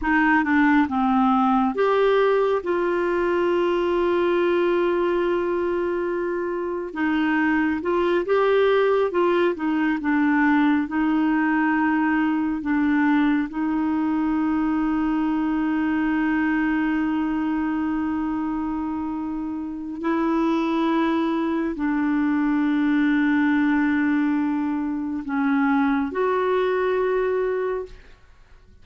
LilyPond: \new Staff \with { instrumentName = "clarinet" } { \time 4/4 \tempo 4 = 69 dis'8 d'8 c'4 g'4 f'4~ | f'1 | dis'4 f'8 g'4 f'8 dis'8 d'8~ | d'8 dis'2 d'4 dis'8~ |
dis'1~ | dis'2. e'4~ | e'4 d'2.~ | d'4 cis'4 fis'2 | }